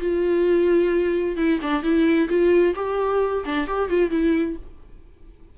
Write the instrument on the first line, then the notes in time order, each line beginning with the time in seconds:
viola
0.00 F4
1.37 E4
1.61 D4
1.83 E4
2.29 F4
2.75 G4
3.45 D4
3.67 G4
3.89 F4
4.11 E4